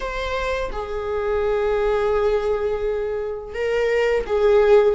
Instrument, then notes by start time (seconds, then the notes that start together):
viola
0.00 C5
0.72 G#4
3.54 A#4
4.26 G#4